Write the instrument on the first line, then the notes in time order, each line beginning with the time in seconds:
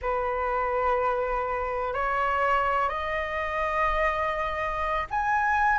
flute
0.01 B4
1.94 C#5
2.89 D#5
5.10 G#5